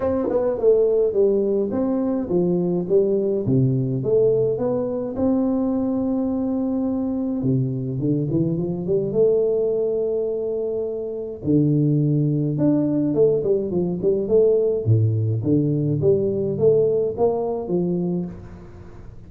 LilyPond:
\new Staff \with { instrumentName = "tuba" } { \time 4/4 \tempo 4 = 105 c'8 b8 a4 g4 c'4 | f4 g4 c4 a4 | b4 c'2.~ | c'4 c4 d8 e8 f8 g8 |
a1 | d2 d'4 a8 g8 | f8 g8 a4 a,4 d4 | g4 a4 ais4 f4 | }